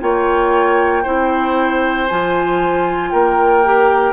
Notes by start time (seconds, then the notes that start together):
0.00 A#3 F4 C#5 G5
1.03 C4 E4 C5
2.07 F3 F4 G#5
3.10 A#3 A#4 G5
3.64 G4